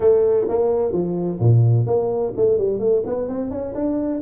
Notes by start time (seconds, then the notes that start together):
0.00 A3
0.48 A#3
0.92 F3
1.39 A#2
1.86 A#3
2.36 A3
2.58 G3
2.79 A3
3.06 B3
3.28 C4
3.50 C#4
3.74 D4